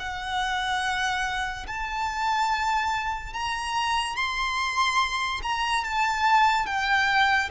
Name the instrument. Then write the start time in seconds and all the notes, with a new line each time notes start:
violin
0.00 F#5
1.67 A5
3.34 A#5
4.16 C6
5.43 A#5
5.84 A5
6.67 G5